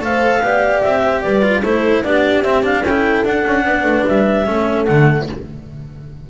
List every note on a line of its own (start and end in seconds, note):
0.00 0.41 A3
0.00 0.41 A4
0.00 0.43 C5
0.00 0.82 F5
0.41 0.82 B3
0.41 1.42 G4
0.41 1.01 D5
0.82 1.24 C4
0.82 1.21 E5
1.01 1.21 C5
1.21 1.62 G3
1.21 1.62 B4
1.21 1.61 D5
1.42 1.62 F4
1.62 2.03 A3
1.62 2.04 E4
1.62 2.04 A4
1.62 2.04 C5
2.03 2.43 B3
2.03 2.44 D4
2.03 2.83 G4
2.03 2.42 D5
2.42 2.81 C4
2.42 2.63 C4
2.42 2.63 E5
2.63 2.83 D4
2.63 2.84 F5
2.81 3.22 C#4
2.81 3.64 A4
2.81 3.25 G5
2.89 3.25 E4
3.24 3.45 D4
3.24 4.46 D4
3.24 4.06 F#5
3.47 3.65 C#4
3.65 3.83 B3
3.65 4.48 B4
3.83 4.04 A3
4.07 4.47 G3
4.07 4.85 E5
4.46 4.88 A3
4.46 4.86 C#4
4.46 5.29 A4
4.85 5.29 D3
4.85 5.28 A3
4.85 5.25 F#5